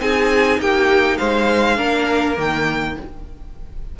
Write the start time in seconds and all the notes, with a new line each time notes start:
0.00 C4 D#4 G#4 G#5
0.60 A#3 G4 G5
1.18 G#3 C5 F5
1.77 A#3 D4 A#4
2.36 D#3 A#3 G5